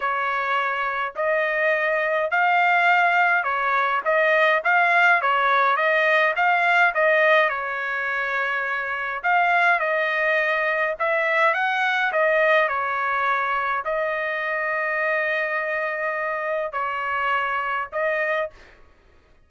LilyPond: \new Staff \with { instrumentName = "trumpet" } { \time 4/4 \tempo 4 = 104 cis''2 dis''2 | f''2 cis''4 dis''4 | f''4 cis''4 dis''4 f''4 | dis''4 cis''2. |
f''4 dis''2 e''4 | fis''4 dis''4 cis''2 | dis''1~ | dis''4 cis''2 dis''4 | }